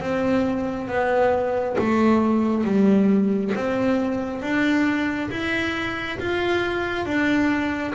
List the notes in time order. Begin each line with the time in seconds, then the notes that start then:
0.00 C4
0.88 B3
1.78 A3
2.65 G3
3.55 C4
4.42 D4
5.31 E4
6.19 F4
7.05 D4